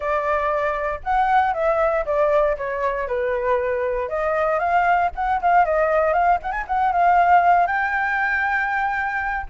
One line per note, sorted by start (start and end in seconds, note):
0.00 1.00 D5
1.03 1.53 F#5
1.53 2.04 E5
2.05 2.56 D5
2.57 3.07 C#5
3.07 4.08 B4
4.08 4.59 D#5
4.59 5.10 F5
5.15 5.41 F#5
5.41 5.65 F5
5.65 6.13 D#5
6.13 6.38 F5
6.42 6.51 F#5
6.51 6.64 G#5
6.67 6.92 F#5
6.92 7.66 F5
7.66 9.46 G5